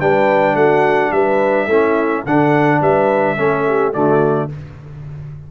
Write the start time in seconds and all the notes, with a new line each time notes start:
0.00 G3 D4 B4 G5
0.54 A3 F#4 F#5
1.11 G3 B4 E5
1.66 A3 C#4 E4
2.23 D3 D4 A4 F#5
2.80 G3 B4 E5
3.37 A3 C#4 A4
3.67 G4
3.93 D3 A3 F#4 D5